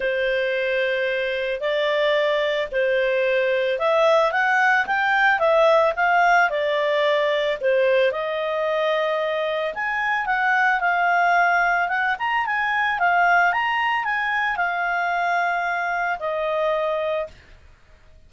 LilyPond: \new Staff \with { instrumentName = "clarinet" } { \time 4/4 \tempo 4 = 111 c''2. d''4~ | d''4 c''2 e''4 | fis''4 g''4 e''4 f''4 | d''2 c''4 dis''4~ |
dis''2 gis''4 fis''4 | f''2 fis''8 ais''8 gis''4 | f''4 ais''4 gis''4 f''4~ | f''2 dis''2 | }